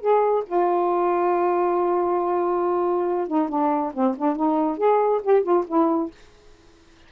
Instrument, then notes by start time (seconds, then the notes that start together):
saxophone
0.00 G#4
0.46 F4
3.27 D#4
3.49 D4
3.94 C4
4.18 D4
4.36 D#4
4.77 G#4
5.23 G4
5.42 F4
5.67 E4